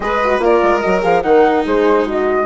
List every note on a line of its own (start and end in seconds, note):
0.00 0.39 G#3
0.00 0.19 G#4
0.00 0.44 B4
0.00 0.41 D#5
0.24 0.40 F#4
0.39 0.59 A#3
0.39 0.82 F4
0.39 1.23 A#4
0.39 0.80 D5
0.63 0.83 G#3
0.80 1.04 F#3
0.80 1.02 F#4
0.80 1.01 D#5
1.02 1.23 F3
1.02 1.22 G#4
1.02 1.22 F5
1.22 1.64 D#3
1.22 2.46 D#4
1.22 1.65 A#4
1.22 1.63 F#5
1.65 2.46 G#3
1.65 2.06 G#4
1.65 2.08 C5
2.06 2.46 F#4
2.06 2.46 D#5